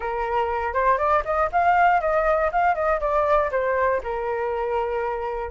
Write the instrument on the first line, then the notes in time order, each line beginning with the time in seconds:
flute
0.00 A#4
0.73 C5
0.97 D5
1.25 D#5
1.51 F5
2.00 D#5
2.51 F5
2.75 D#5
3.00 D5
3.51 C5
4.03 A#4